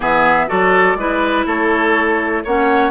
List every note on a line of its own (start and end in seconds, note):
0.00 0.48 E3
0.00 0.47 B3
0.00 0.46 G#4
0.00 0.48 E5
0.47 0.95 F#3
0.47 0.96 F#4
0.47 0.97 A4
0.47 1.46 D5
0.95 1.44 G#3
0.95 2.45 E4
0.95 1.45 B4
1.45 2.44 A3
1.45 2.43 A4
1.45 2.44 C#5
2.44 2.90 A#3
2.44 2.90 C#4
2.44 2.90 C#5
2.44 2.90 F#5